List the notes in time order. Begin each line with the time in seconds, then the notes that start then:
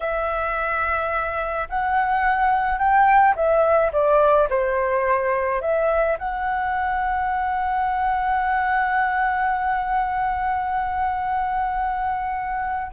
0.00 E5
1.69 F#5
2.78 G5
3.35 E5
3.92 D5
4.49 C5
5.61 E5
6.18 F#5